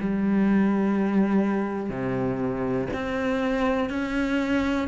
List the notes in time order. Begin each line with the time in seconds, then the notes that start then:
0.00 G3
1.90 C3
2.93 C4
3.90 C#4